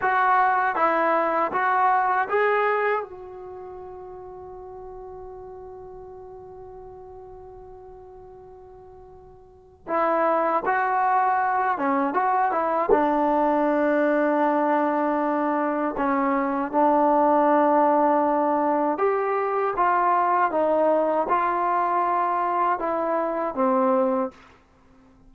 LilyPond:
\new Staff \with { instrumentName = "trombone" } { \time 4/4 \tempo 4 = 79 fis'4 e'4 fis'4 gis'4 | fis'1~ | fis'1~ | fis'4 e'4 fis'4. cis'8 |
fis'8 e'8 d'2.~ | d'4 cis'4 d'2~ | d'4 g'4 f'4 dis'4 | f'2 e'4 c'4 | }